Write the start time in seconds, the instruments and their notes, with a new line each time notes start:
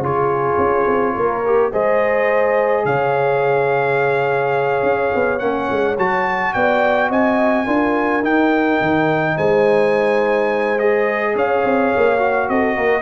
0.00 tuba C#3, trombone F4, horn G#4, trumpet C#5
0.58 tuba C#4
0.88 tuba C4
1.15 tuba A#3, horn A#4
1.46 trombone G4
1.73 tuba G#3, trombone G#4, horn C5, trumpet D#5
2.85 tuba C#3, horn C#5, trumpet F5
4.83 tuba C#4
5.15 tuba B3
5.40 tuba A#3, trombone C#4, trumpet F#5
5.72 tuba G#3
5.98 tuba F#3, trombone F#4, trumpet A5
6.54 tuba B3, horn D5, trumpet G5
7.10 tuba C4, horn D#5, trumpet G#5
7.67 tuba D4, trombone F4, horn A#4
8.23 trombone D#4, tuba D#4, trumpet G5
8.81 tuba D#3
9.37 tuba G#3, horn C5, trumpet G#5
10.79 trombone G#4, trumpet D#5
11.35 tuba C#4, horn C#5, trumpet F5
11.65 tuba C4
11.97 tuba A#3
12.20 trombone F#4
12.49 tuba C4, horn A4, trumpet D#5
12.76 tuba A#3, horn A#4